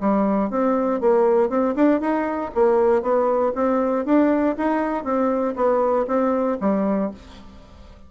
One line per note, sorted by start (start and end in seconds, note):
0.00 0.50 G3
0.50 1.00 C4
1.00 1.49 A#3
1.49 1.74 C4
1.75 2.00 D4
2.00 2.51 D#4
2.54 3.02 A#3
3.02 3.52 B3
3.55 4.05 C4
4.05 4.56 D4
4.57 5.04 D#4
5.04 5.54 C4
5.56 6.06 B3
6.07 6.58 C4
6.60 7.10 G3